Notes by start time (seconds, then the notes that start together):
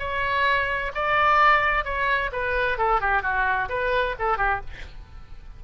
0.00 C#5
0.95 D5
1.85 C#5
2.33 B4
2.78 A4
3.01 G4
3.23 F#4
3.70 B4
4.19 A4
4.38 G4